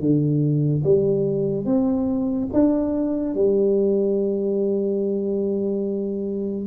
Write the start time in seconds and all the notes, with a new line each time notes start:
0.00 D3
0.84 G3
1.65 C4
2.53 D4
3.35 G3